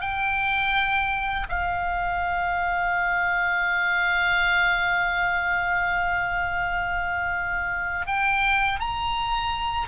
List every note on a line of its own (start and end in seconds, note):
0.00 1.46 G5
1.49 8.06 F5
8.06 8.79 G5
8.79 9.87 A#5